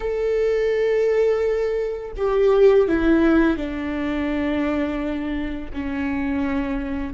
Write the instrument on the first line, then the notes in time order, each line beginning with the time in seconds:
viola
0.00 A4
2.16 G4
2.88 E4
3.57 D4
5.73 C#4